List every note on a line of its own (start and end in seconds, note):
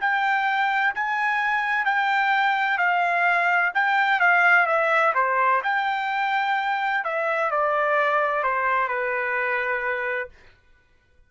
0.00 0.94 G5
0.94 1.85 G#5
1.85 2.77 G5
2.77 3.71 F5
3.74 4.19 G5
4.19 4.66 F5
4.66 5.13 E5
5.14 5.61 C5
5.63 7.04 G5
7.04 7.50 E5
7.50 8.42 D5
8.42 8.88 C5
8.88 10.28 B4